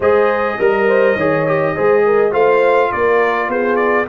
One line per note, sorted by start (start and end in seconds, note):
0.00 0.57 G#3
0.00 0.59 G#4
0.00 0.58 C5
0.00 2.33 D#5
0.58 1.15 G3
0.58 0.87 A#4
0.58 1.17 A#4
0.87 1.16 C5
1.15 1.74 D#3
1.15 1.46 G#4
1.15 1.74 C#5
1.46 1.75 G4
1.75 2.33 G#3
1.75 2.31 G#4
1.75 2.04 C5
2.05 2.31 A#4
2.31 2.91 A3
2.31 4.06 F4
2.31 2.89 C5
2.31 2.92 F5
2.92 3.48 A#3
2.92 3.50 A#4
2.92 3.50 D5
3.48 4.06 B3
3.48 4.08 G#4
3.48 3.76 C5
3.76 4.05 D5